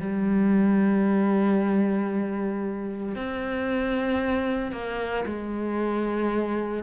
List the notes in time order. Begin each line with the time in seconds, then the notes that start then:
0.00 G3
3.15 C4
4.72 A#3
5.25 G#3